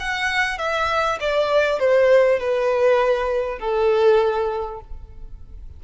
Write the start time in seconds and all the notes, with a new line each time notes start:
0.00 F#5
0.58 E5
1.20 D5
1.80 C5
2.39 B4
3.59 A4